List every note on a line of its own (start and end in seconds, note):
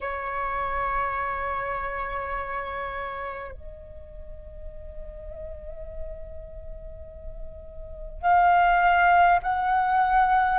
0.01 3.52 C#5
3.52 8.21 D#5
8.21 9.39 F5
9.42 10.58 F#5